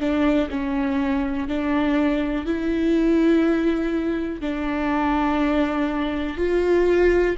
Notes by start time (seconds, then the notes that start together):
0.00 D4
0.50 C#4
1.48 D4
2.45 E4
4.40 D4
6.37 F4